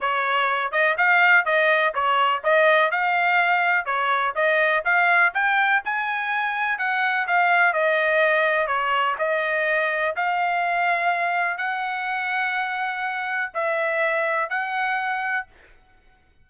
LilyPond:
\new Staff \with { instrumentName = "trumpet" } { \time 4/4 \tempo 4 = 124 cis''4. dis''8 f''4 dis''4 | cis''4 dis''4 f''2 | cis''4 dis''4 f''4 g''4 | gis''2 fis''4 f''4 |
dis''2 cis''4 dis''4~ | dis''4 f''2. | fis''1 | e''2 fis''2 | }